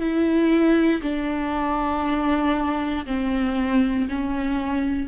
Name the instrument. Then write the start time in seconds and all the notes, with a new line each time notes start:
viola
0.00 E4
1.03 D4
3.06 C4
4.09 C#4